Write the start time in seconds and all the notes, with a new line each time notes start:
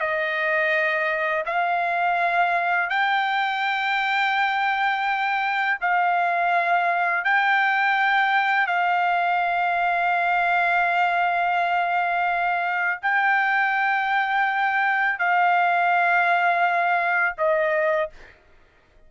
0.00 D#5
1.46 F5
2.90 G5
5.81 F5
7.25 G5
8.67 F5
13.02 G5
15.19 F5
17.38 D#5